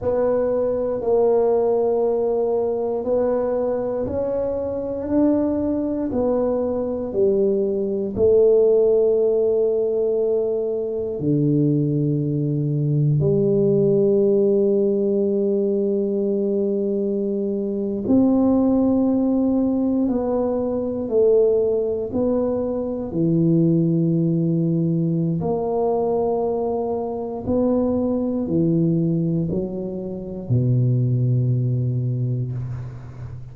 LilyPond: \new Staff \with { instrumentName = "tuba" } { \time 4/4 \tempo 4 = 59 b4 ais2 b4 | cis'4 d'4 b4 g4 | a2. d4~ | d4 g2.~ |
g4.~ g16 c'2 b16~ | b8. a4 b4 e4~ e16~ | e4 ais2 b4 | e4 fis4 b,2 | }